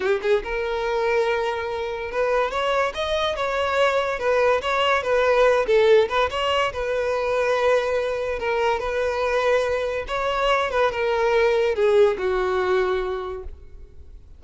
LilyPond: \new Staff \with { instrumentName = "violin" } { \time 4/4 \tempo 4 = 143 g'8 gis'8 ais'2.~ | ais'4 b'4 cis''4 dis''4 | cis''2 b'4 cis''4 | b'4. a'4 b'8 cis''4 |
b'1 | ais'4 b'2. | cis''4. b'8 ais'2 | gis'4 fis'2. | }